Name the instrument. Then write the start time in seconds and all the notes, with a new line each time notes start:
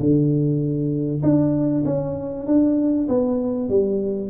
tuba
0.00 D3
1.23 D4
1.86 C#4
2.47 D4
3.09 B3
3.70 G3